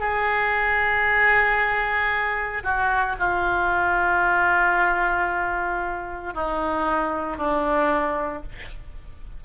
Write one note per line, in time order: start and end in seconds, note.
0.00 2.63 G#4
2.64 3.16 F#4
3.19 6.34 F4
6.34 7.37 D#4
7.37 8.43 D4